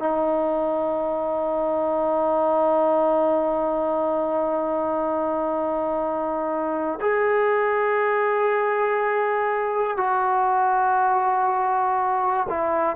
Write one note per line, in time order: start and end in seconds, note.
0.00 7.00 D#4
7.01 9.98 G#4
9.98 12.48 F#4
12.50 12.96 E4